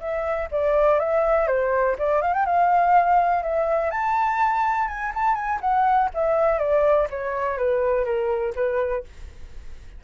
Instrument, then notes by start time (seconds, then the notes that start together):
flute
0.00 E5
0.51 D5
0.99 E5
1.47 C5
1.99 D5
2.22 F5
2.34 G5
2.46 F5
3.43 E5
3.91 A5
4.88 G#5
5.15 A5
5.35 G#5
5.61 F#5
6.14 E5
6.59 D5
7.10 C#5
7.58 B4
8.05 A#4
8.55 B4